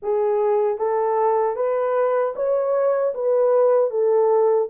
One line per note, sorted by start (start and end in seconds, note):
0.02 0.78 G#4
0.78 1.56 A4
1.56 2.34 B4
2.36 3.13 C#5
3.14 3.90 B4
3.90 4.68 A4